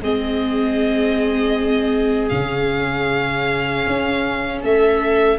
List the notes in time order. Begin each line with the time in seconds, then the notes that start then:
0.00 G#3 C4 G#4 D#5
2.28 C#3 C#4 F5
3.86 C#4
4.61 A3 A4 E5